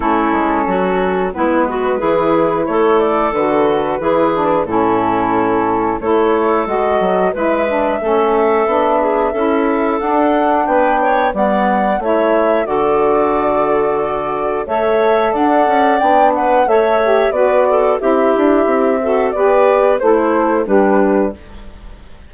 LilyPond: <<
  \new Staff \with { instrumentName = "flute" } { \time 4/4 \tempo 4 = 90 a'2 b'2 | cis''8 d''8 b'2 a'4~ | a'4 cis''4 dis''4 e''4~ | e''2. fis''4 |
g''4 fis''4 e''4 d''4~ | d''2 e''4 fis''4 | g''8 fis''8 e''4 d''4 e''4~ | e''4 d''4 c''4 b'4 | }
  \new Staff \with { instrumentName = "clarinet" } { \time 4/4 e'4 fis'4 e'8 fis'8 gis'4 | a'2 gis'4 e'4~ | e'4 a'2 b'4 | a'4. gis'8 a'2 |
b'8 cis''8 d''4 cis''4 a'4~ | a'2 cis''4 d''4~ | d''8 b'8 cis''4 b'8 a'8 g'4~ | g'8 a'8 b'4 e'4 d'4 | }
  \new Staff \with { instrumentName = "saxophone" } { \time 4/4 cis'2 b4 e'4~ | e'4 fis'4 e'8 d'8 cis'4~ | cis'4 e'4 fis'4 e'8 d'8 | cis'4 d'4 e'4 d'4~ |
d'4 b4 e'4 fis'4~ | fis'2 a'2 | d'4 a'8 g'8 fis'4 e'4~ | e'8 fis'8 g'4 a'4 g'4 | }
  \new Staff \with { instrumentName = "bassoon" } { \time 4/4 a8 gis8 fis4 gis4 e4 | a4 d4 e4 a,4~ | a,4 a4 gis8 fis8 gis4 | a4 b4 cis'4 d'4 |
b4 g4 a4 d4~ | d2 a4 d'8 cis'8 | b4 a4 b4 c'8 d'8 | c'4 b4 a4 g4 | }
>>